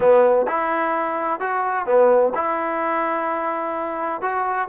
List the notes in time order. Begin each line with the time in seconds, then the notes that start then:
0.00 B3
0.47 E4
1.40 F#4
1.86 B3
2.35 E4
4.21 F#4